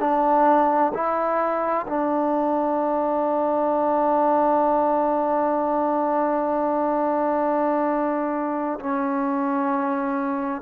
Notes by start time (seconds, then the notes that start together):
0.00 D4
0.94 E4
1.87 D4
8.79 C#4